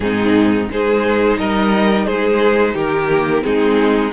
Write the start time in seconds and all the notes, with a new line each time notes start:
0.00 G#2 C4 D#4 G#4
0.70 G#3 D#4 G#4 C5
1.37 G3 A#4 D#5
2.05 G#3 G#4 C5
2.74 D#3 G4 A#4
3.09 A#3
3.42 G#3 C4 D#4 G#4